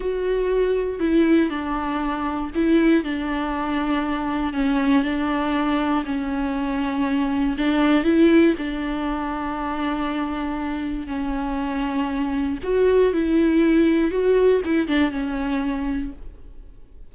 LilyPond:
\new Staff \with { instrumentName = "viola" } { \time 4/4 \tempo 4 = 119 fis'2 e'4 d'4~ | d'4 e'4 d'2~ | d'4 cis'4 d'2 | cis'2. d'4 |
e'4 d'2.~ | d'2 cis'2~ | cis'4 fis'4 e'2 | fis'4 e'8 d'8 cis'2 | }